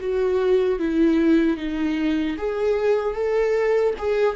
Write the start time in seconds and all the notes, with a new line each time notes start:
0.00 F#4
0.79 E4
1.57 D#4
2.37 G#4
3.14 A4
3.98 G#4